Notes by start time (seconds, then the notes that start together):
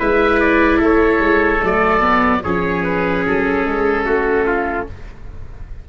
0.00 G#3 E4 B4 E5
0.41 D5
0.78 A3 A4
0.84 C#5
1.20 G#3
1.62 F#3 A3 D5
2.01 B3
2.43 F3 C#4 G#4 C#5
2.84 B4
3.26 F#3 A4
3.66 G#3
4.05 A3 F#4
4.47 F4